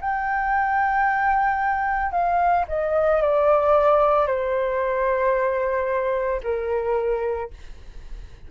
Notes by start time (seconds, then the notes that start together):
0.00 G5
2.11 F5
2.67 D#5
3.21 D5
4.26 C5
6.43 A#4